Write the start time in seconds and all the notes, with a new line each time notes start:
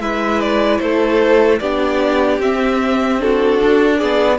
0.00 G#3 E4 B4 E5
0.41 D5
0.79 A3 A4 C5
1.60 B3 D4 G4 D5
2.39 C4 E5
3.19 D4 F#4 A4
3.63 D4
3.98 B3 G#4 D5